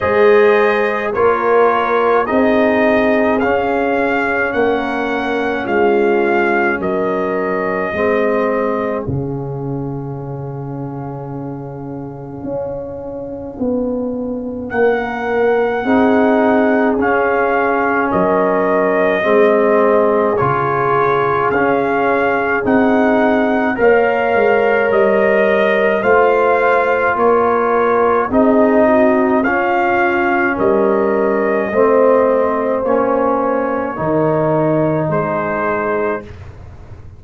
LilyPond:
<<
  \new Staff \with { instrumentName = "trumpet" } { \time 4/4 \tempo 4 = 53 dis''4 cis''4 dis''4 f''4 | fis''4 f''4 dis''2 | f''1~ | f''4 fis''2 f''4 |
dis''2 cis''4 f''4 | fis''4 f''4 dis''4 f''4 | cis''4 dis''4 f''4 dis''4~ | dis''4 cis''2 c''4 | }
  \new Staff \with { instrumentName = "horn" } { \time 4/4 c''4 ais'4 gis'2 | ais'4 f'4 ais'4 gis'4~ | gis'1~ | gis'4 ais'4 gis'2 |
ais'4 gis'2.~ | gis'4 cis''2 c''4 | ais'4 gis'8 fis'8 f'4 ais'4 | c''2 ais'4 gis'4 | }
  \new Staff \with { instrumentName = "trombone" } { \time 4/4 gis'4 f'4 dis'4 cis'4~ | cis'2. c'4 | cis'1~ | cis'2 dis'4 cis'4~ |
cis'4 c'4 f'4 cis'4 | dis'4 ais'2 f'4~ | f'4 dis'4 cis'2 | c'4 cis'4 dis'2 | }
  \new Staff \with { instrumentName = "tuba" } { \time 4/4 gis4 ais4 c'4 cis'4 | ais4 gis4 fis4 gis4 | cis2. cis'4 | b4 ais4 c'4 cis'4 |
fis4 gis4 cis4 cis'4 | c'4 ais8 gis8 g4 a4 | ais4 c'4 cis'4 g4 | a4 ais4 dis4 gis4 | }
>>